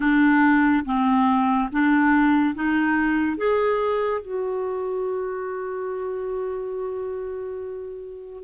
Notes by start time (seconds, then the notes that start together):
0.00 D4
0.85 C4
1.71 D4
2.55 D#4
3.36 G#4
4.21 F#4